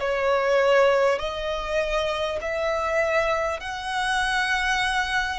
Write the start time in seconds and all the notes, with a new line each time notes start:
0.00 C#5
1.19 D#5
2.41 E5
3.60 F#5